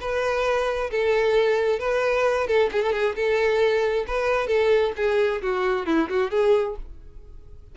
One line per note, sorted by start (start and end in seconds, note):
0.00 0.90 B4
0.90 1.79 A4
1.79 2.47 B4
2.47 2.69 A4
2.72 2.82 G#4
2.82 2.92 A4
2.92 3.15 G#4
3.15 4.05 A4
4.07 4.47 B4
4.47 4.92 A4
4.96 5.41 G#4
5.42 5.86 F#4
5.86 6.08 E4
6.09 6.31 F#4
6.31 6.76 G#4